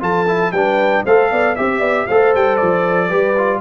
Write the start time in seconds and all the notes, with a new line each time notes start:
0.00 F3 F4 A4 A5
0.27 E4
0.52 G3 D4 B4 G5
1.05 A3 A4 C5 F5
1.31 B3 D5
1.56 C4 G4 E5
1.80 B3 D5
2.07 A3 A4 C5 F5
2.35 G3 G5
2.56 F3 D5
3.08 G3 G4 B4
3.37 F4